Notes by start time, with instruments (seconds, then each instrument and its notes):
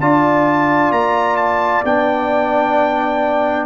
0.00 tuba D4, trombone F4, horn D5, trumpet A5
0.91 tuba A#3, trumpet A#5
1.37 trumpet A5
1.85 tuba B3, trombone D4, trumpet G5